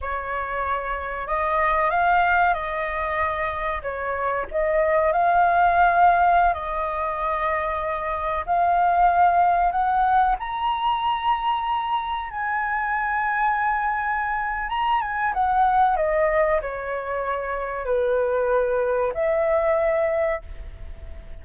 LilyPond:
\new Staff \with { instrumentName = "flute" } { \time 4/4 \tempo 4 = 94 cis''2 dis''4 f''4 | dis''2 cis''4 dis''4 | f''2~ f''16 dis''4.~ dis''16~ | dis''4~ dis''16 f''2 fis''8.~ |
fis''16 ais''2. gis''8.~ | gis''2. ais''8 gis''8 | fis''4 dis''4 cis''2 | b'2 e''2 | }